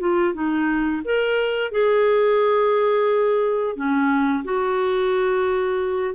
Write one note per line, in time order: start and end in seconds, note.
0.00 0.34 F4
0.34 1.03 D#4
1.05 1.72 A#4
1.72 3.76 G#4
3.76 4.44 C#4
4.44 6.15 F#4